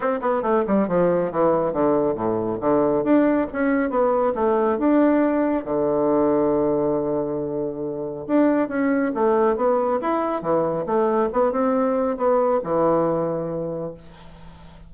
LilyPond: \new Staff \with { instrumentName = "bassoon" } { \time 4/4 \tempo 4 = 138 c'8 b8 a8 g8 f4 e4 | d4 a,4 d4 d'4 | cis'4 b4 a4 d'4~ | d'4 d2.~ |
d2. d'4 | cis'4 a4 b4 e'4 | e4 a4 b8 c'4. | b4 e2. | }